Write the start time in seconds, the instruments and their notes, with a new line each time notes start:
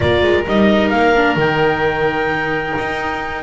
0.00 double bass A#3, viola F4, oboe A#4, clarinet D5
0.23 double bass G#3
0.46 double bass G3, viola D#4, clarinet D#5
0.89 double bass A#3, clarinet F5
1.15 viola D4
1.35 double bass D#3, viola D#4, clarinet G5
2.78 double bass D#4